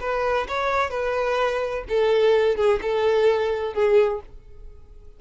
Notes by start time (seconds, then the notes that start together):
0.00 B4
0.48 C#5
0.90 B4
1.88 A4
2.56 G#4
2.81 A4
3.73 G#4